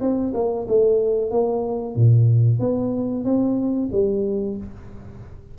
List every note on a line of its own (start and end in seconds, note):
0.00 0.33 C4
0.34 0.66 A#3
0.68 1.31 A3
1.31 1.95 A#3
1.95 2.60 A#2
2.60 3.24 B3
3.24 3.89 C4
3.92 4.57 G3